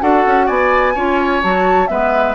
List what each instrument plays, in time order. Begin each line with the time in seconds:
0.00 bassoon D4, clarinet F#4, oboe A4, flute F#5
0.26 bassoon C#4
0.46 bassoon B3, oboe D5, flute G#5
0.95 bassoon C#4, clarinet F4, oboe C#5
1.43 bassoon F#3, clarinet F#4, flute A5
1.87 bassoon G#3, clarinet B3, oboe B4, flute E5